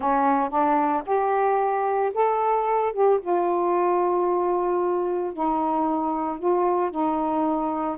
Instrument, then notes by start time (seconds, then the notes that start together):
saxophone
0.00 C#4
0.49 D4
1.06 G4
2.14 A4
2.93 G4
3.21 F4
5.33 D#4
6.39 F4
6.91 D#4